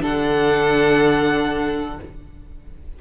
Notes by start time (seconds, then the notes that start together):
0.00 D3 D4 A4 F#5